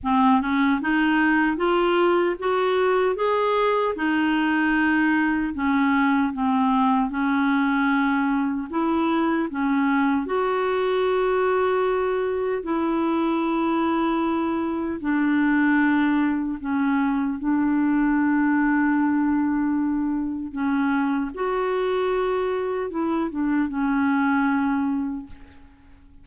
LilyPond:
\new Staff \with { instrumentName = "clarinet" } { \time 4/4 \tempo 4 = 76 c'8 cis'8 dis'4 f'4 fis'4 | gis'4 dis'2 cis'4 | c'4 cis'2 e'4 | cis'4 fis'2. |
e'2. d'4~ | d'4 cis'4 d'2~ | d'2 cis'4 fis'4~ | fis'4 e'8 d'8 cis'2 | }